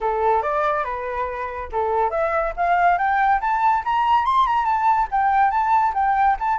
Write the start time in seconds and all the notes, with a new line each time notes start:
0.00 A4
0.42 D5
0.84 B4
1.72 A4
2.10 E5
2.56 F5
2.97 G5
3.40 A5
3.85 A#5
4.25 C6
4.46 A#5
4.65 A5
5.11 G5
5.50 A5
5.94 G5
6.39 A5